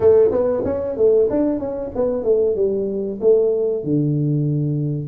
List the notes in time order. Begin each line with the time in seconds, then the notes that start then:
0.00 A3
0.31 B3
0.64 C#4
0.97 A3
1.30 D4
1.59 C#4
1.95 B3
2.23 A3
2.55 G3
3.20 A3
3.83 D3